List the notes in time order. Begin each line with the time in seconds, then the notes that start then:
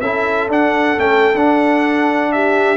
0.00 C#4 E4 A4 E5
0.49 D4 F#5
0.97 A3 C#4 G5
1.34 D4 F#5
2.32 G4 E5